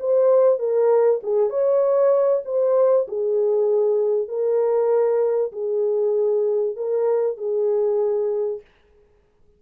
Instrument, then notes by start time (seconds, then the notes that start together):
horn
0.00 C5
0.59 A#4
1.23 G#4
1.50 C#5
2.45 C5
3.08 G#4
4.28 A#4
5.52 G#4
6.76 A#4
7.37 G#4